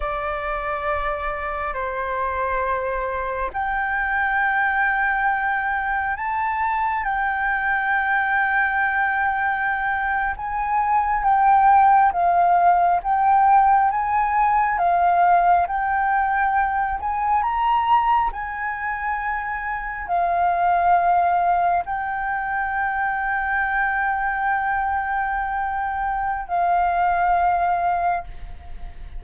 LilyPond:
\new Staff \with { instrumentName = "flute" } { \time 4/4 \tempo 4 = 68 d''2 c''2 | g''2. a''4 | g''2.~ g''8. gis''16~ | gis''8. g''4 f''4 g''4 gis''16~ |
gis''8. f''4 g''4. gis''8 ais''16~ | ais''8. gis''2 f''4~ f''16~ | f''8. g''2.~ g''16~ | g''2 f''2 | }